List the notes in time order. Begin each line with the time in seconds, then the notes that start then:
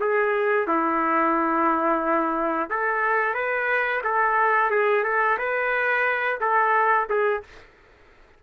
0.00 G#4
0.67 E4
2.69 A4
3.34 B4
4.04 A4
4.70 G#4
5.03 A4
5.38 B4
6.40 A4
7.09 G#4